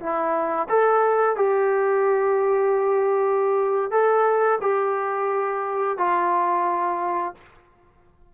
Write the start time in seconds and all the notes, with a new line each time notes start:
0.00 E4
0.69 A4
1.37 G4
3.91 A4
4.62 G4
5.98 F4